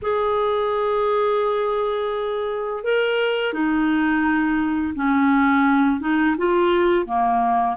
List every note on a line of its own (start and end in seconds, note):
0.02 2.83 G#4
2.83 3.53 A#4
3.53 4.94 D#4
4.95 6.00 C#4
6.00 6.35 D#4
6.37 7.06 F4
7.06 7.76 A#3